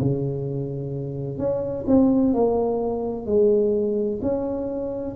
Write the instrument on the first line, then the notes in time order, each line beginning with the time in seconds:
tuba
0.00 C#3
1.38 C#4
1.87 C4
2.34 A#3
3.26 G#3
4.21 C#4